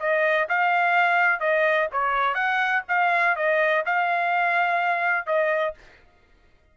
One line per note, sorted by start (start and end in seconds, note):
0.00 0.48 D#5
0.49 1.40 F5
1.40 1.88 D#5
1.92 2.35 C#5
2.35 2.83 F#5
2.88 3.36 F5
3.36 3.84 D#5
3.86 5.27 F5
5.27 5.75 D#5